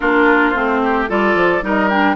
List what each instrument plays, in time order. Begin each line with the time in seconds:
0.00 bassoon A#3, clarinet D4, oboe F4, flute A#4
0.50 bassoon A3, clarinet C4, flute C5
0.83 oboe G4
1.09 bassoon G3, clarinet F4, oboe A4, flute D5
1.35 bassoon F3
1.62 bassoon G3, clarinet D#4, oboe A#4, flute D#5
1.89 clarinet D4, flute G5